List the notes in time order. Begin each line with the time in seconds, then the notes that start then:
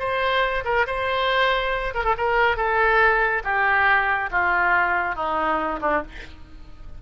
0.00 C5
0.65 A#4
0.87 C5
1.95 A#4
2.05 A4
2.18 A#4
2.57 A4
3.44 G4
4.31 F4
5.16 D#4
5.81 D4